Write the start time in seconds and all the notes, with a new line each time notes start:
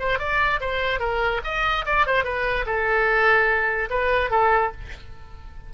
0.00 C5
0.19 D5
0.61 C5
1.00 A#4
1.45 D#5
1.86 D5
2.07 C5
2.24 B4
2.66 A4
3.90 B4
4.31 A4